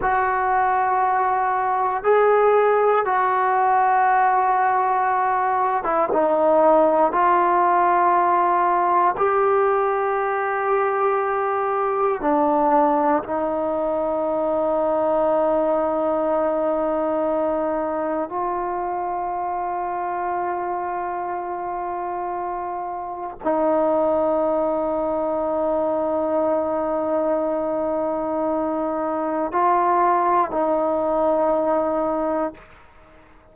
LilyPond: \new Staff \with { instrumentName = "trombone" } { \time 4/4 \tempo 4 = 59 fis'2 gis'4 fis'4~ | fis'4.~ fis'16 e'16 dis'4 f'4~ | f'4 g'2. | d'4 dis'2.~ |
dis'2 f'2~ | f'2. dis'4~ | dis'1~ | dis'4 f'4 dis'2 | }